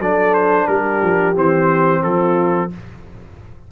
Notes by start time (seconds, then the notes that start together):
0.00 F#3 D4 A4 D5
0.34 C5
0.67 G3 G4 A#4
1.03 F3
1.36 E3 C4 C5
2.03 F3 F4 A4